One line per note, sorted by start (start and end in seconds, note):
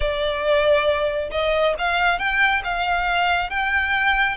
0.00 1.29 D5
1.31 1.75 D#5
1.78 2.18 F5
2.18 2.62 G5
2.64 3.50 F5
3.50 4.37 G5